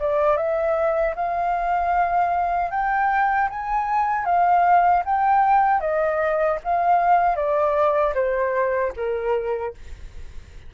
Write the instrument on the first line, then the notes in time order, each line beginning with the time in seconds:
flute
0.00 D5
0.37 E5
1.16 F5
2.71 G5
3.50 G#5
4.25 F5
5.06 G5
5.81 D#5
6.64 F5
7.36 D5
8.15 C5
8.96 A#4